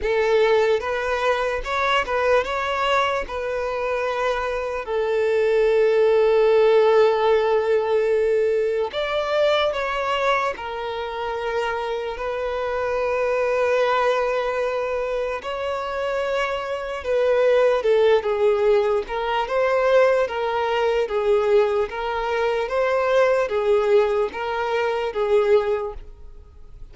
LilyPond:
\new Staff \with { instrumentName = "violin" } { \time 4/4 \tempo 4 = 74 a'4 b'4 cis''8 b'8 cis''4 | b'2 a'2~ | a'2. d''4 | cis''4 ais'2 b'4~ |
b'2. cis''4~ | cis''4 b'4 a'8 gis'4 ais'8 | c''4 ais'4 gis'4 ais'4 | c''4 gis'4 ais'4 gis'4 | }